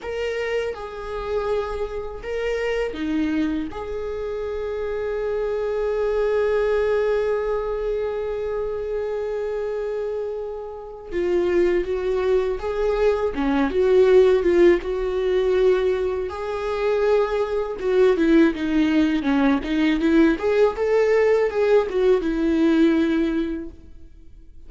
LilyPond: \new Staff \with { instrumentName = "viola" } { \time 4/4 \tempo 4 = 81 ais'4 gis'2 ais'4 | dis'4 gis'2.~ | gis'1~ | gis'2. f'4 |
fis'4 gis'4 cis'8 fis'4 f'8 | fis'2 gis'2 | fis'8 e'8 dis'4 cis'8 dis'8 e'8 gis'8 | a'4 gis'8 fis'8 e'2 | }